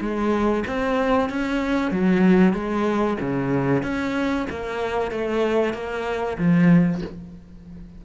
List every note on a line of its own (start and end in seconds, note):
0.00 0.64 G#3
0.66 1.29 C4
1.29 1.91 C#4
1.91 2.53 F#3
2.53 3.17 G#3
3.20 3.82 C#3
3.82 4.46 C#4
4.50 5.11 A#3
5.11 5.73 A3
5.73 6.37 A#3
6.38 7.02 F3